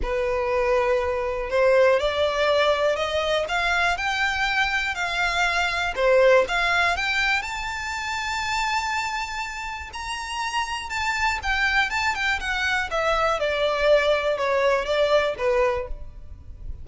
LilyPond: \new Staff \with { instrumentName = "violin" } { \time 4/4 \tempo 4 = 121 b'2. c''4 | d''2 dis''4 f''4 | g''2 f''2 | c''4 f''4 g''4 a''4~ |
a''1 | ais''2 a''4 g''4 | a''8 g''8 fis''4 e''4 d''4~ | d''4 cis''4 d''4 b'4 | }